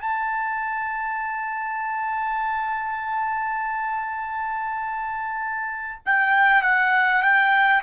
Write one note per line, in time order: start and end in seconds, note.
0.00 6.00 A5
6.06 6.62 G5
6.62 7.22 F#5
7.22 7.82 G5